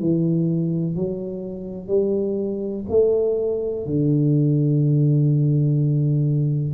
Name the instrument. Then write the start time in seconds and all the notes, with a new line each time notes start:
tuba
0.00 E3
0.96 F#3
1.88 G3
2.89 A3
3.86 D3